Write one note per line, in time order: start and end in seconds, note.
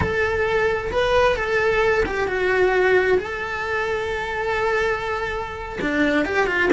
0.00 0.91 A4
0.91 1.36 B4
1.36 2.04 A4
2.05 2.27 G4
2.27 3.18 F#4
3.18 5.79 A4
5.81 6.25 D4
6.25 6.46 G4
6.46 6.69 F4